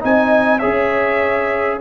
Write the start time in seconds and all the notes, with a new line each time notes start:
0.00 C4 D#4 D#5 G#5
0.59 C#4 G#4 C#5 E5